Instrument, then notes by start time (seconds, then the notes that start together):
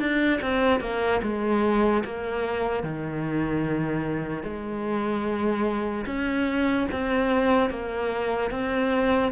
cello
0.00 D4
0.42 C4
0.81 A#3
1.23 G#3
2.05 A#3
2.84 D#3
4.43 G#3
6.06 C#4
6.92 C4
7.71 A#3
8.51 C4